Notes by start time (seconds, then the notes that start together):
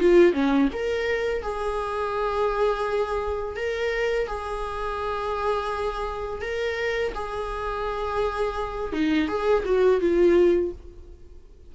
0.00 F4
0.33 C#4
0.73 A#4
1.43 G#4
3.56 A#4
4.28 G#4
6.42 A#4
7.15 G#4
8.93 D#4
9.29 G#4
9.65 F#4
10.01 F4